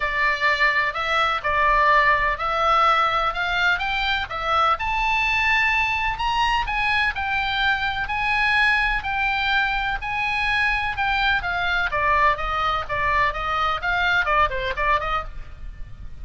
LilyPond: \new Staff \with { instrumentName = "oboe" } { \time 4/4 \tempo 4 = 126 d''2 e''4 d''4~ | d''4 e''2 f''4 | g''4 e''4 a''2~ | a''4 ais''4 gis''4 g''4~ |
g''4 gis''2 g''4~ | g''4 gis''2 g''4 | f''4 d''4 dis''4 d''4 | dis''4 f''4 d''8 c''8 d''8 dis''8 | }